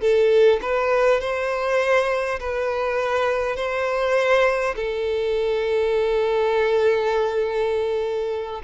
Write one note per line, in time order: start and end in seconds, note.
0.00 0.59 A4
0.62 1.20 B4
1.20 2.39 C5
2.40 3.56 B4
3.56 4.74 C5
4.75 8.61 A4